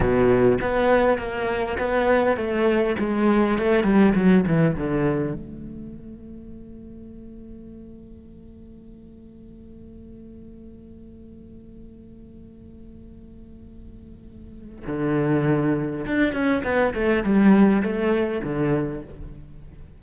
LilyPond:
\new Staff \with { instrumentName = "cello" } { \time 4/4 \tempo 4 = 101 b,4 b4 ais4 b4 | a4 gis4 a8 g8 fis8 e8 | d4 a2.~ | a1~ |
a1~ | a1~ | a4 d2 d'8 cis'8 | b8 a8 g4 a4 d4 | }